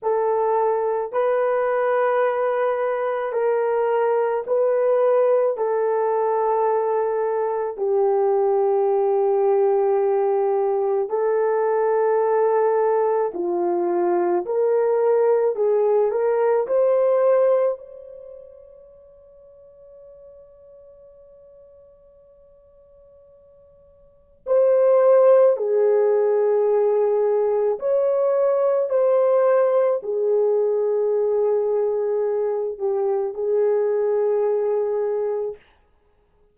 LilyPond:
\new Staff \with { instrumentName = "horn" } { \time 4/4 \tempo 4 = 54 a'4 b'2 ais'4 | b'4 a'2 g'4~ | g'2 a'2 | f'4 ais'4 gis'8 ais'8 c''4 |
cis''1~ | cis''2 c''4 gis'4~ | gis'4 cis''4 c''4 gis'4~ | gis'4. g'8 gis'2 | }